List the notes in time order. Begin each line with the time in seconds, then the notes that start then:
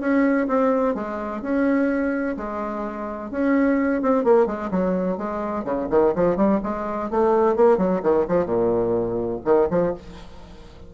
0.00 C#4
0.47 C4
0.95 G#3
1.42 C#4
2.37 G#3
3.31 C#4
4.02 C4
4.24 A#3
4.46 G#3
4.71 F#3
5.17 G#3
5.65 C#3
5.90 D#3
6.15 F3
6.36 G3
6.63 G#3
7.10 A3
7.56 A#3
7.78 F#3
8.03 D#3
8.28 F3
8.46 A#2
9.45 D#3
9.70 F3